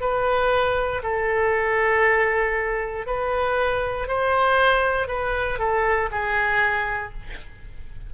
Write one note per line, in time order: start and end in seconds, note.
0.00 1.02 B4
1.03 3.06 A4
3.06 4.07 B4
4.07 5.08 C5
5.08 5.58 B4
5.58 6.09 A4
6.11 7.12 G#4